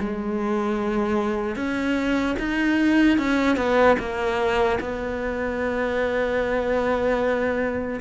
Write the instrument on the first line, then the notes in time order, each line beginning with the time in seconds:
cello
0.00 G#3
1.56 C#4
2.39 D#4
3.19 C#4
3.57 B3
3.99 A#3
4.80 B3